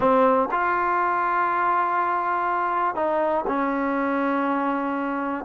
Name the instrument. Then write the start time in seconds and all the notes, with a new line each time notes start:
trombone
0.00 C4
0.51 F4
2.95 D#4
3.47 C#4